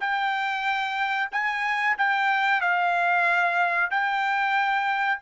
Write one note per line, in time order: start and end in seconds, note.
0.00 1.29 G5
1.32 1.96 G#5
1.97 2.61 G5
2.61 3.90 F5
3.90 5.19 G5